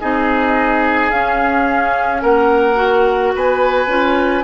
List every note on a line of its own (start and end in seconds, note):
0.00 1.11 C4
0.00 1.12 D#4
0.00 2.22 G#4
0.00 1.11 D#5
1.11 2.22 C#4
1.11 2.75 C#4
1.11 2.22 F5
2.22 3.34 A#3
2.22 3.33 A#4
2.22 3.34 F#5
2.75 3.86 F#4
3.35 3.87 B3
3.35 4.44 B4
3.35 4.44 G#5
3.87 4.43 C#4
3.87 4.44 F4